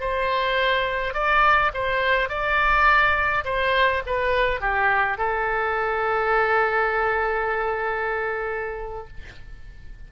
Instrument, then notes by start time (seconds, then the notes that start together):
oboe
0.00 C5
1.14 D5
1.74 C5
2.29 D5
3.45 C5
4.06 B4
4.60 G4
5.18 A4